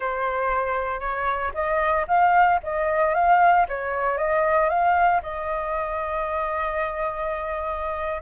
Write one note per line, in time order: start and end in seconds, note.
0.00 0.99 C5
0.99 1.52 C#5
1.53 2.06 D#5
2.07 2.59 F5
2.63 3.14 D#5
3.14 3.66 F5
3.68 4.17 C#5
4.17 4.69 D#5
4.69 5.21 F5
5.22 8.21 D#5